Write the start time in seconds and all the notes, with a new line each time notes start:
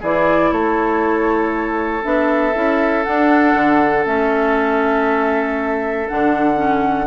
0.00 E3 E4 G#4 D5
0.51 A3 A4 C#5
2.02 B3 D4 E5
2.54 C#4 E4
3.04 D4 F#5
3.55 D3
4.04 A3 C#4 E5
6.08 D3 D4 F#5
6.55 C#4